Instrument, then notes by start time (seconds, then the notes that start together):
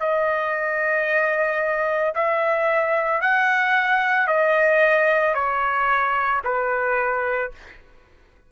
trumpet
0.00 D#5
2.15 E5
3.21 F#5
4.27 D#5
5.34 C#5
6.44 B4